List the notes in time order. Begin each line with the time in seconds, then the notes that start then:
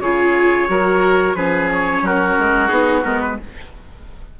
0.00 C#3 F4 G#4 C#5
0.68 F#3 F#4 A#4
1.35 F3 C#4 G#4 B4
1.73 C#5
2.02 F#3 F#4 A#4
2.38 G#3
2.68 B3 D#4 G#4
3.04 G#3 B3 A#4
3.20 B4